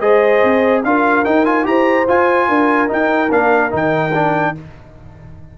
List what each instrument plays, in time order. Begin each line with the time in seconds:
0.00 tuba G#3, trombone G#4, horn C5, trumpet D#5
0.43 tuba C4
0.84 tuba D4, trombone F4, horn A#4, trumpet F5
1.24 trombone D#4, tuba D#4, trumpet G5
1.45 trombone F4, trumpet G#5
1.63 tuba E4, trombone G4, horn C5, trumpet A#5
2.08 trombone F4, tuba F4, trumpet G#5
2.48 tuba D4, horn A#4
2.88 trombone D#4, tuba D#4, trumpet G5
3.30 tuba A#3, trombone D4, trumpet F5
3.70 tuba D#3, trombone D#4, trumpet G5
4.14 trombone D4